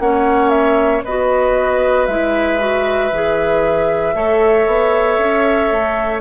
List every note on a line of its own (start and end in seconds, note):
0.00 1.03 A#3
0.00 1.04 C#4
0.00 1.05 C#5
0.00 0.50 F#5
0.50 1.02 E5
1.05 2.08 B3
1.05 2.10 F#4
1.05 4.15 B4
1.05 2.06 D#5
2.06 3.12 G#3
2.06 2.59 E4
2.06 6.20 E5
2.59 3.11 F#4
3.12 4.15 E3
3.12 4.16 G#4
4.15 4.67 A3
4.15 6.21 A4
4.15 6.21 C#5
4.67 5.19 B3
5.19 5.71 C#4
5.72 6.21 A3